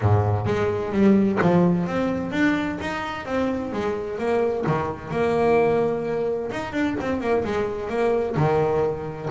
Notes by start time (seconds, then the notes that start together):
0.01 G#2
0.45 G#3
0.92 G3
1.41 F3
1.86 C4
2.31 D4
2.80 D#4
3.25 C4
3.72 G#3
4.18 A#3
4.67 D#3
5.10 A#3
6.51 D#4
6.72 D4
7.00 C4
7.20 A#3
7.44 G#3
7.89 A#3
8.36 D#3